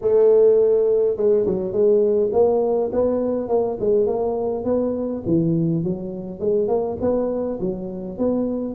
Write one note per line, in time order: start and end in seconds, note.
0.01 1.16 A3
1.16 1.45 G#3
1.46 1.72 F#3
1.72 2.30 G#3
2.32 2.90 A#3
2.92 3.48 B3
3.48 3.77 A#3
3.80 4.06 G#3
4.06 4.64 A#3
4.64 5.22 B3
5.26 5.83 E3
5.83 6.39 F#3
6.39 6.68 G#3
6.68 6.97 A#3
7.01 7.59 B3
7.60 8.18 F#3
8.18 8.74 B3